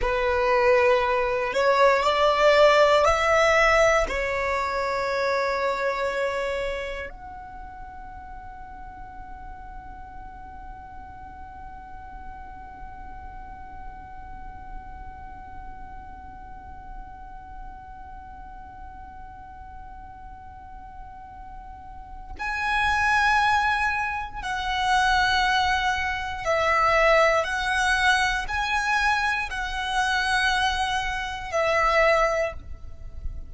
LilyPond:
\new Staff \with { instrumentName = "violin" } { \time 4/4 \tempo 4 = 59 b'4. cis''8 d''4 e''4 | cis''2. fis''4~ | fis''1~ | fis''1~ |
fis''1~ | fis''2 gis''2 | fis''2 e''4 fis''4 | gis''4 fis''2 e''4 | }